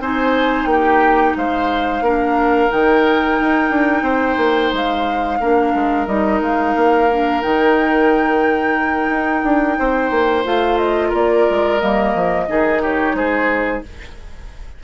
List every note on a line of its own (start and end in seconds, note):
0.00 0.66 C4
0.00 2.04 D#4
0.00 0.69 C5
0.00 0.66 G#5
0.66 1.33 A#3
0.66 1.37 G4
0.66 1.33 G5
1.37 2.01 G#3
1.37 2.04 C5
1.37 2.71 F5
2.01 2.69 A#3
2.01 2.70 D4
2.01 4.04 A#4
2.70 3.40 D#3
2.70 5.39 D#4
2.70 4.73 G5
3.40 3.70 D#4
3.70 4.02 D4
4.02 4.36 C4
4.02 5.38 C5
4.37 4.71 A#3
4.72 5.40 G#3
4.72 6.07 F5
5.40 5.73 A#3
5.40 6.07 D4
5.40 9.79 A#4
5.75 6.07 G#3
6.07 6.41 G3
6.07 7.08 D#4
6.07 6.41 D#5
6.41 6.75 G#3
6.41 7.42 F5
6.76 7.43 A#3
7.12 7.42 D4
7.42 9.09 D#3
7.42 10.45 D#4
7.42 10.45 G5
9.09 9.42 D#4
9.44 9.77 D4
9.79 10.11 C4
9.79 11.09 C5
10.11 10.44 A#3
10.45 11.13 A3
10.45 11.79 F4
10.45 10.78 F5
10.78 11.12 D#5
11.09 11.47 A#3
11.09 12.43 A#4
11.09 11.80 D5
11.50 11.82 G#3
11.79 12.15 G3
11.79 12.47 A#3
11.79 12.81 D#5
12.15 12.48 F3
12.48 13.14 D#3
12.48 13.83 D#4
12.48 12.82 G#4
12.82 13.16 G4
12.82 13.16 C#5
13.14 13.81 G#3
13.14 13.84 G#4
13.14 13.83 C5